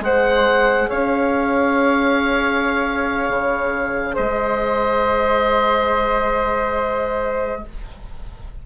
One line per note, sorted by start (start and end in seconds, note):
0.00 0.87 G#3
0.00 7.64 G#4
0.00 0.88 C5
0.00 0.90 F#5
0.88 3.29 C#4
0.88 4.14 C#5
0.88 4.16 F5
3.29 4.16 C#3
4.14 7.66 G#3
4.14 7.61 C5
4.14 7.64 D#5